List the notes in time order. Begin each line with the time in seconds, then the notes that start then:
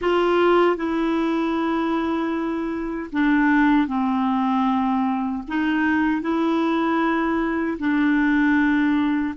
0.01 F4
0.76 E4
3.12 D4
3.87 C4
5.48 D#4
6.21 E4
7.78 D4